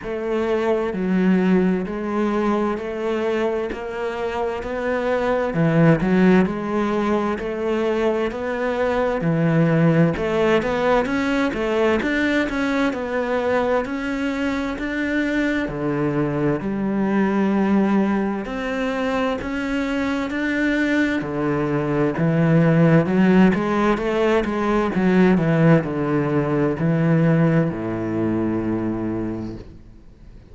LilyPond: \new Staff \with { instrumentName = "cello" } { \time 4/4 \tempo 4 = 65 a4 fis4 gis4 a4 | ais4 b4 e8 fis8 gis4 | a4 b4 e4 a8 b8 | cis'8 a8 d'8 cis'8 b4 cis'4 |
d'4 d4 g2 | c'4 cis'4 d'4 d4 | e4 fis8 gis8 a8 gis8 fis8 e8 | d4 e4 a,2 | }